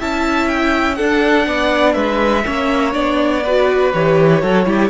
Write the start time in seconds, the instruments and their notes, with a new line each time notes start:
0.00 cello C#4, viola E4, violin E5 A5
0.48 violin G5
0.95 viola D4, cello D4, violin A4 F#5
1.47 cello B3, violin D5
1.93 cello G#3, violin B4 E5
2.45 cello A#3, viola C#4, violin C#5
2.93 cello B3, viola D4, violin D5
3.44 viola F#4, violin B4
3.93 cello E3, viola G4, violin C#5
4.42 cello F#3, viola F#4, violin A4
4.66 cello G3, viola E4, violin G4